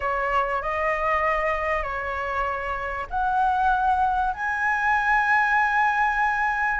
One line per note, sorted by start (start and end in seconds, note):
0.00 0.62 C#5
0.62 1.82 D#5
1.82 3.06 C#5
3.10 4.34 F#5
4.34 6.80 G#5